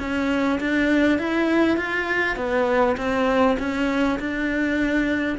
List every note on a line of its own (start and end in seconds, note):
0.00 0.60 C#4
0.61 1.19 D4
1.19 1.78 E4
1.78 2.37 F4
2.37 2.97 B3
2.98 3.58 C4
3.60 4.20 C#4
4.20 5.39 D4